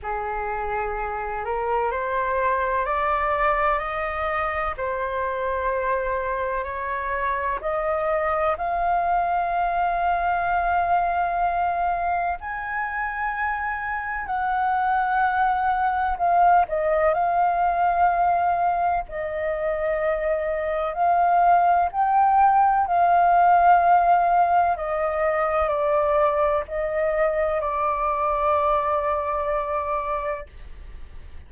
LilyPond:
\new Staff \with { instrumentName = "flute" } { \time 4/4 \tempo 4 = 63 gis'4. ais'8 c''4 d''4 | dis''4 c''2 cis''4 | dis''4 f''2.~ | f''4 gis''2 fis''4~ |
fis''4 f''8 dis''8 f''2 | dis''2 f''4 g''4 | f''2 dis''4 d''4 | dis''4 d''2. | }